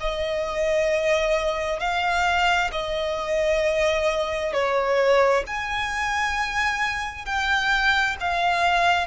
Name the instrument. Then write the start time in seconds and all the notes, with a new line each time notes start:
violin
0.00 D#5
1.80 F5
2.72 D#5
4.52 C#5
5.47 G#5
7.25 G5
8.20 F5